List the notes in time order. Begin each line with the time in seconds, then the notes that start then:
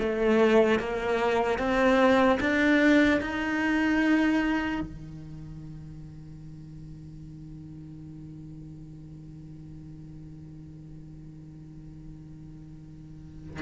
0.00 A3
0.80 A#3
1.59 C4
2.40 D4
3.21 D#4
4.81 D#3